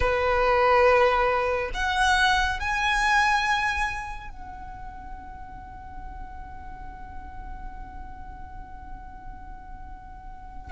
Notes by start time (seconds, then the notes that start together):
0.00 B4
1.74 F#5
2.59 G#5
4.30 F#5